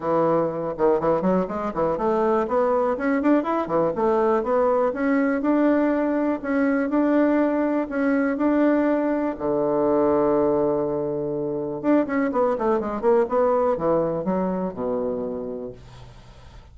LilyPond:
\new Staff \with { instrumentName = "bassoon" } { \time 4/4 \tempo 4 = 122 e4. dis8 e8 fis8 gis8 e8 | a4 b4 cis'8 d'8 e'8 e8 | a4 b4 cis'4 d'4~ | d'4 cis'4 d'2 |
cis'4 d'2 d4~ | d1 | d'8 cis'8 b8 a8 gis8 ais8 b4 | e4 fis4 b,2 | }